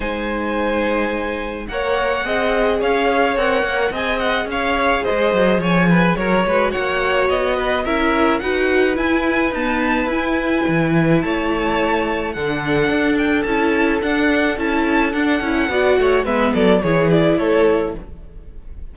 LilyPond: <<
  \new Staff \with { instrumentName = "violin" } { \time 4/4 \tempo 4 = 107 gis''2. fis''4~ | fis''4 f''4 fis''4 gis''8 fis''8 | f''4 dis''4 gis''4 cis''4 | fis''4 dis''4 e''4 fis''4 |
gis''4 a''4 gis''2 | a''2 fis''4. g''8 | a''4 fis''4 a''4 fis''4~ | fis''4 e''8 d''8 cis''8 d''8 cis''4 | }
  \new Staff \with { instrumentName = "violin" } { \time 4/4 c''2. cis''4 | dis''4 cis''2 dis''4 | cis''4 c''4 cis''8 b'8 ais'8 b'8 | cis''4. b'8 ais'4 b'4~ |
b'1 | cis''2 a'2~ | a'1 | d''8 cis''8 b'8 a'8 gis'4 a'4 | }
  \new Staff \with { instrumentName = "viola" } { \time 4/4 dis'2. ais'4 | gis'2 ais'4 gis'4~ | gis'2.~ gis'8 fis'8~ | fis'2 e'4 fis'4 |
e'4 b4 e'2~ | e'2 d'2 | e'4 d'4 e'4 d'8 e'8 | fis'4 b4 e'2 | }
  \new Staff \with { instrumentName = "cello" } { \time 4/4 gis2. ais4 | c'4 cis'4 c'8 ais8 c'4 | cis'4 gis8 fis8 f4 fis8 gis8 | ais4 b4 cis'4 dis'4 |
e'4 dis'4 e'4 e4 | a2 d4 d'4 | cis'4 d'4 cis'4 d'8 cis'8 | b8 a8 gis8 fis8 e4 a4 | }
>>